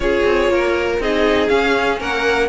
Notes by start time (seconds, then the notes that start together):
0.00 C#4 F4 G#4 C#5
0.24 C4
0.48 A#3 A#4
0.99 C4 D#4 G#4 D#5
1.48 C#4 F5
1.99 A#3 A#4 F#5